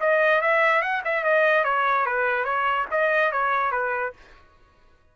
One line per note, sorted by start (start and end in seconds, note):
0.00 0.41 D#5
0.41 0.81 E5
0.81 1.02 F#5
1.05 1.24 E5
1.24 1.64 D#5
1.64 2.06 C#5
2.06 2.44 B4
2.44 2.86 C#5
2.91 3.32 D#5
3.32 3.71 C#5
3.71 4.13 B4